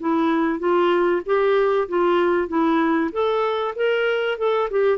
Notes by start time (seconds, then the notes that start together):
0.00 E4
0.59 F4
1.26 G4
1.89 F4
2.48 E4
3.12 A4
3.76 A#4
4.38 A4
4.70 G4